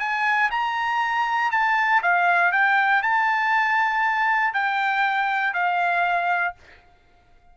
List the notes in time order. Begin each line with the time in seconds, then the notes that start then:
0.00 G#5
0.51 A#5
1.51 A5
2.03 F5
2.52 G5
3.03 A5
4.54 G5
5.54 F5